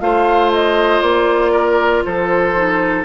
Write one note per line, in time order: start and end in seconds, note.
0.00 1.02 A3
0.00 2.54 F4
0.00 1.52 C5
0.00 0.51 F5
0.53 1.02 D#5
1.02 2.04 A#3
1.02 2.04 D5
1.52 2.03 A#4
2.05 3.05 F3
2.05 3.05 A4
2.05 3.05 C5
2.55 3.05 D#4